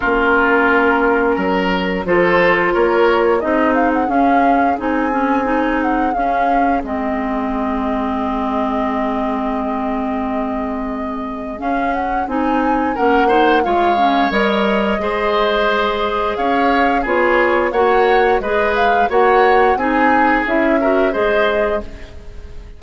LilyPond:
<<
  \new Staff \with { instrumentName = "flute" } { \time 4/4 \tempo 4 = 88 ais'2. c''4 | cis''4 dis''8 f''16 fis''16 f''4 gis''4~ | gis''8 fis''8 f''4 dis''2~ | dis''1~ |
dis''4 f''8 fis''8 gis''4 fis''4 | f''4 dis''2. | f''4 cis''4 fis''4 dis''8 f''8 | fis''4 gis''4 e''4 dis''4 | }
  \new Staff \with { instrumentName = "oboe" } { \time 4/4 f'2 ais'4 a'4 | ais'4 gis'2.~ | gis'1~ | gis'1~ |
gis'2. ais'8 c''8 | cis''2 c''2 | cis''4 gis'4 cis''4 b'4 | cis''4 gis'4. ais'8 c''4 | }
  \new Staff \with { instrumentName = "clarinet" } { \time 4/4 cis'2. f'4~ | f'4 dis'4 cis'4 dis'8 cis'8 | dis'4 cis'4 c'2~ | c'1~ |
c'4 cis'4 dis'4 cis'8 dis'8 | f'8 cis'8 ais'4 gis'2~ | gis'4 f'4 fis'4 gis'4 | fis'4 dis'4 e'8 fis'8 gis'4 | }
  \new Staff \with { instrumentName = "bassoon" } { \time 4/4 ais2 fis4 f4 | ais4 c'4 cis'4 c'4~ | c'4 cis'4 gis2~ | gis1~ |
gis4 cis'4 c'4 ais4 | gis4 g4 gis2 | cis'4 b4 ais4 gis4 | ais4 c'4 cis'4 gis4 | }
>>